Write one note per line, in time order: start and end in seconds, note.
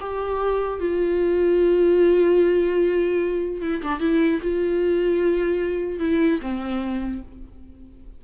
0.00 0.80 G4
0.80 3.62 F4
3.62 3.82 E4
3.82 4.00 D4
4.00 4.40 E4
4.42 6.00 F4
6.00 6.40 E4
6.42 7.22 C4